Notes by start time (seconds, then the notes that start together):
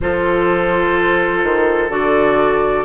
0.01 F3 F4 A4 C5
1.43 D#3
1.89 D3 F#4 D5